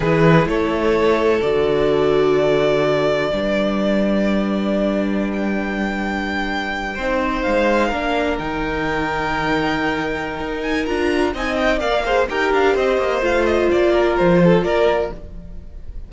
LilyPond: <<
  \new Staff \with { instrumentName = "violin" } { \time 4/4 \tempo 4 = 127 b'4 cis''2 d''4~ | d''1~ | d''2.~ d''16 g''8.~ | g''2.~ g''8. f''16~ |
f''4.~ f''16 g''2~ g''16~ | g''2~ g''8 gis''8 ais''4 | gis''8 g''8 f''4 g''8 f''8 dis''4 | f''8 dis''8 d''4 c''4 d''4 | }
  \new Staff \with { instrumentName = "violin" } { \time 4/4 gis'4 a'2.~ | a'2. b'4~ | b'1~ | b'2~ b'8. c''4~ c''16~ |
c''8. ais'2.~ ais'16~ | ais'1 | dis''4 d''8 c''8 ais'4 c''4~ | c''4. ais'4 a'8 ais'4 | }
  \new Staff \with { instrumentName = "viola" } { \time 4/4 e'2. fis'4~ | fis'2. d'4~ | d'1~ | d'2~ d'8. dis'4~ dis'16~ |
dis'8. d'4 dis'2~ dis'16~ | dis'2. f'4 | dis'4 ais'8 gis'8 g'2 | f'1 | }
  \new Staff \with { instrumentName = "cello" } { \time 4/4 e4 a2 d4~ | d2. g4~ | g1~ | g2~ g8. c'4 gis16~ |
gis8. ais4 dis2~ dis16~ | dis2 dis'4 d'4 | c'4 ais4 dis'8 d'8 c'8 ais8 | a4 ais4 f4 ais4 | }
>>